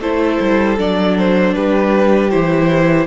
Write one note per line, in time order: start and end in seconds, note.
0.00 0.38 A3
0.00 0.78 E4
0.00 1.55 A4
0.00 0.79 C5
0.40 0.78 G3
0.78 1.55 F#3
0.78 2.31 D4
0.78 1.18 D5
1.18 1.54 C5
1.54 2.34 G3
1.54 3.07 G4
1.54 2.30 B4
2.30 3.07 E3
2.30 3.07 E4
2.30 3.07 C5